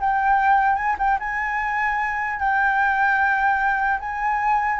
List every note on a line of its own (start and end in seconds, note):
0.00 0.76 G5
0.76 0.96 G#5
0.98 1.18 G5
1.19 2.39 G#5
2.39 3.99 G5
4.00 4.80 G#5